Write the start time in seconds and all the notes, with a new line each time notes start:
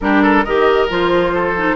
0.00 G3 D4 G4 A#4
0.22 A4
0.44 D#3 G4 A#4 D#5
0.89 F3 F4 C5
1.34 A4
1.56 D#4